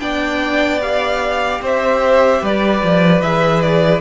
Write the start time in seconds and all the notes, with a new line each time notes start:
0.00 B3 D4 D5 G5
0.82 G4 F5
1.62 C4 C5 E5
2.43 G3 B4 D5
2.83 F3
3.22 E3 G#4 E5
3.62 D5